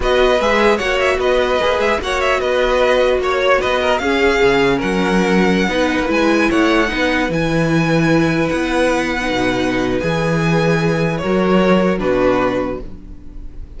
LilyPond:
<<
  \new Staff \with { instrumentName = "violin" } { \time 4/4 \tempo 4 = 150 dis''4 e''4 fis''8 e''8 dis''4~ | dis''8 e''8 fis''8 e''8 dis''2 | cis''4 dis''4 f''2 | fis''2.~ fis''16 gis''8.~ |
gis''16 fis''2 gis''4.~ gis''16~ | gis''4~ gis''16 fis''2~ fis''8.~ | fis''4 gis''2. | cis''2 b'2 | }
  \new Staff \with { instrumentName = "violin" } { \time 4/4 b'2 cis''4 b'4~ | b'4 cis''4 b'2 | cis''4 b'8 ais'8 gis'2 | ais'2~ ais'16 b'4.~ b'16~ |
b'16 cis''4 b'2~ b'8.~ | b'1~ | b'1 | ais'2 fis'2 | }
  \new Staff \with { instrumentName = "viola" } { \time 4/4 fis'4 gis'4 fis'2 | gis'4 fis'2.~ | fis'2 cis'2~ | cis'2~ cis'16 dis'4 e'8.~ |
e'4~ e'16 dis'4 e'4.~ e'16~ | e'2. dis'4~ | dis'4 gis'2. | fis'2 d'2 | }
  \new Staff \with { instrumentName = "cello" } { \time 4/4 b4 gis4 ais4 b4 | ais8 gis8 ais4 b2 | ais4 b4 cis'4 cis4 | fis2~ fis16 b8. ais16 gis8.~ |
gis16 a4 b4 e4.~ e16~ | e4~ e16 b2 b,8.~ | b,4 e2. | fis2 b,2 | }
>>